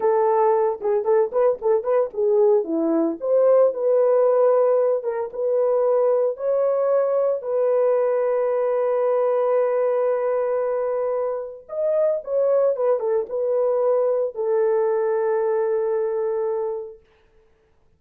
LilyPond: \new Staff \with { instrumentName = "horn" } { \time 4/4 \tempo 4 = 113 a'4. gis'8 a'8 b'8 a'8 b'8 | gis'4 e'4 c''4 b'4~ | b'4. ais'8 b'2 | cis''2 b'2~ |
b'1~ | b'2 dis''4 cis''4 | b'8 a'8 b'2 a'4~ | a'1 | }